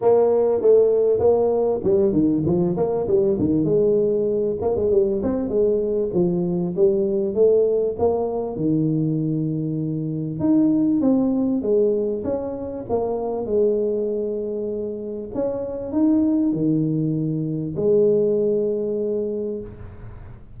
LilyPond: \new Staff \with { instrumentName = "tuba" } { \time 4/4 \tempo 4 = 98 ais4 a4 ais4 g8 dis8 | f8 ais8 g8 dis8 gis4. ais16 gis16 | g8 c'8 gis4 f4 g4 | a4 ais4 dis2~ |
dis4 dis'4 c'4 gis4 | cis'4 ais4 gis2~ | gis4 cis'4 dis'4 dis4~ | dis4 gis2. | }